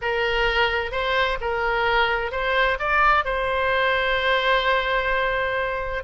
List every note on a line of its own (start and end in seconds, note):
0.01 0.91 A#4
0.91 1.38 C5
1.40 2.31 A#4
2.31 2.78 C5
2.79 3.24 D5
3.24 6.03 C5